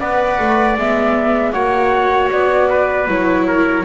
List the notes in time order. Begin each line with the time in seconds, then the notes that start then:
0.00 B3 B4 D5 F#5
0.39 A3
0.77 G#3 B3 E5
1.52 A#3 F#4 C#5 F#5
2.32 B3 D5
2.69 B4
3.08 F#3 E4 C#5
3.47 A#4